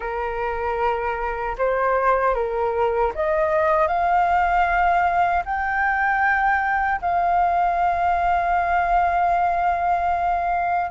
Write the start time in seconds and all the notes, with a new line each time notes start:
0.00 A#4
1.58 C5
2.34 A#4
3.15 D#5
3.87 F5
5.45 G5
7.01 F5